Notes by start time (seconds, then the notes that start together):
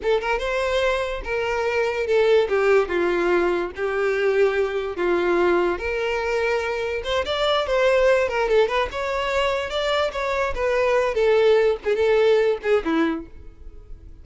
0.02 A4
0.21 A#4
0.38 C5
1.23 A#4
2.06 A4
2.48 G4
2.88 F4
3.76 G4
4.96 F4
5.78 A#4
7.04 C5
7.25 D5
7.66 C5
8.28 A#4
8.48 A4
8.68 B4
8.91 C#5
9.69 D5
10.12 C#5
10.54 B4
11.14 A4
11.84 G#4
11.95 A4
12.62 G#4
12.84 E4